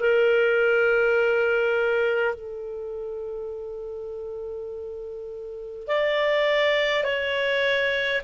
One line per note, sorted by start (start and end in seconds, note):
0.00 2.35 A#4
2.35 5.87 A4
5.87 7.04 D5
7.04 8.21 C#5